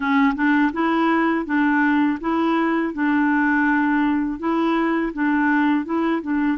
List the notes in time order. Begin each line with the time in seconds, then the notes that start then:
0.00 C#4
0.35 D4
0.72 E4
1.45 D4
2.20 E4
2.93 D4
4.39 E4
5.13 D4
5.85 E4
6.22 D4